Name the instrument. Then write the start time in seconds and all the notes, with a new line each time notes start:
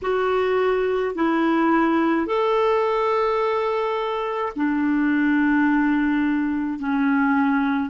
clarinet
0.02 F#4
1.15 E4
2.26 A4
4.55 D4
6.79 C#4